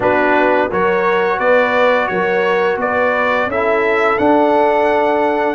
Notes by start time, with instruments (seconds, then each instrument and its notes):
0.00 tuba B3, trombone D4, horn F#4, trumpet B4
0.70 tuba F#3, trombone F#4, horn A#4, trumpet C#5
1.37 tuba B3, horn B4, trumpet D5
2.07 tuba F#3, horn A#4, trumpet C#5
2.77 tuba B3, horn B4, trumpet D5
3.46 tuba C#4, trombone E4, horn A4, trumpet E5
4.18 trombone D4, tuba D4, trumpet F#5